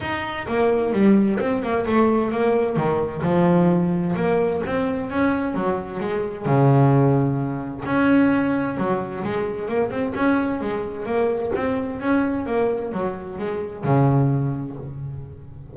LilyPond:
\new Staff \with { instrumentName = "double bass" } { \time 4/4 \tempo 4 = 130 dis'4 ais4 g4 c'8 ais8 | a4 ais4 dis4 f4~ | f4 ais4 c'4 cis'4 | fis4 gis4 cis2~ |
cis4 cis'2 fis4 | gis4 ais8 c'8 cis'4 gis4 | ais4 c'4 cis'4 ais4 | fis4 gis4 cis2 | }